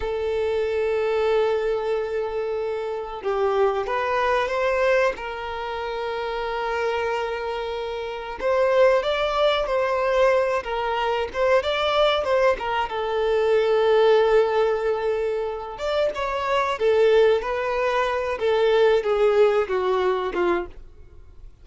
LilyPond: \new Staff \with { instrumentName = "violin" } { \time 4/4 \tempo 4 = 93 a'1~ | a'4 g'4 b'4 c''4 | ais'1~ | ais'4 c''4 d''4 c''4~ |
c''8 ais'4 c''8 d''4 c''8 ais'8 | a'1~ | a'8 d''8 cis''4 a'4 b'4~ | b'8 a'4 gis'4 fis'4 f'8 | }